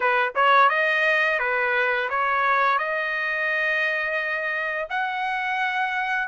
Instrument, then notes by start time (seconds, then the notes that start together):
trumpet
0.00 B4
0.35 C#5
0.69 D#5
1.39 B4
2.09 C#5
2.78 D#5
4.89 F#5